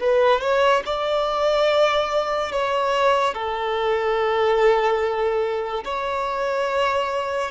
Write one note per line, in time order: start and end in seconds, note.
0.00 0.41 B4
0.41 0.83 C#5
0.86 2.52 D5
2.52 3.34 C#5
3.34 5.84 A4
5.84 7.51 C#5